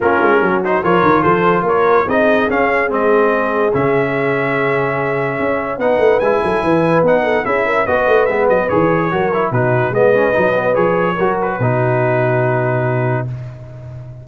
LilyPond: <<
  \new Staff \with { instrumentName = "trumpet" } { \time 4/4 \tempo 4 = 145 ais'4. c''8 cis''4 c''4 | cis''4 dis''4 f''4 dis''4~ | dis''4 e''2.~ | e''2 fis''4 gis''4~ |
gis''4 fis''4 e''4 dis''4 | e''8 dis''8 cis''2 b'4 | dis''2 cis''4. b'8~ | b'1 | }
  \new Staff \with { instrumentName = "horn" } { \time 4/4 f'4 fis'4 ais'4 a'4 | ais'4 gis'2.~ | gis'1~ | gis'2 b'4. a'8 |
b'4. a'8 gis'8 ais'8 b'4~ | b'2 ais'4 fis'4 | b'2. ais'4 | fis'1 | }
  \new Staff \with { instrumentName = "trombone" } { \time 4/4 cis'4. dis'8 f'2~ | f'4 dis'4 cis'4 c'4~ | c'4 cis'2.~ | cis'2 dis'4 e'4~ |
e'4 dis'4 e'4 fis'4 | b4 gis'4 fis'8 e'8 dis'4 | b8 cis'8 dis'8 b8 gis'4 fis'4 | dis'1 | }
  \new Staff \with { instrumentName = "tuba" } { \time 4/4 ais8 gis8 fis4 f8 dis8 f4 | ais4 c'4 cis'4 gis4~ | gis4 cis2.~ | cis4 cis'4 b8 a8 gis8 fis8 |
e4 b4 cis'4 b8 a8 | gis8 fis8 e4 fis4 b,4 | gis4 fis4 f4 fis4 | b,1 | }
>>